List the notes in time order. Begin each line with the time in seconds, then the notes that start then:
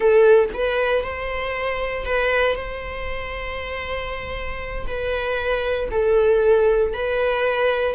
0.00 A4
0.53 B4
1.03 C5
2.05 B4
2.55 C5
4.86 B4
5.91 A4
6.93 B4